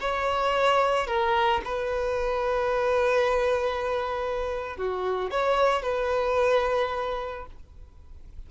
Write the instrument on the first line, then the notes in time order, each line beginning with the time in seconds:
violin
0.00 C#5
1.07 A#4
1.64 B4
4.77 F#4
5.31 C#5
5.82 B4